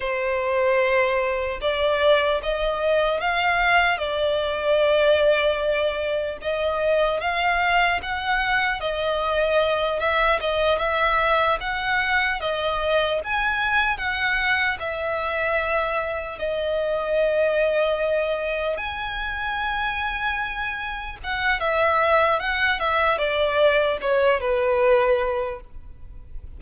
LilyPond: \new Staff \with { instrumentName = "violin" } { \time 4/4 \tempo 4 = 75 c''2 d''4 dis''4 | f''4 d''2. | dis''4 f''4 fis''4 dis''4~ | dis''8 e''8 dis''8 e''4 fis''4 dis''8~ |
dis''8 gis''4 fis''4 e''4.~ | e''8 dis''2. gis''8~ | gis''2~ gis''8 fis''8 e''4 | fis''8 e''8 d''4 cis''8 b'4. | }